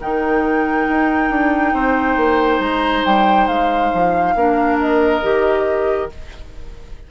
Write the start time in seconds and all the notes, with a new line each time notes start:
0.00 D#3 D#4 A#4 G5
0.89 D#4
1.30 D4
1.73 C4 C5
2.16 A#3
2.60 G#3 A#5
3.06 G3 G5
3.48 G#3 F5
3.93 F3
4.35 A#3 D4 A#4
4.80 D#5
5.23 D#3 G4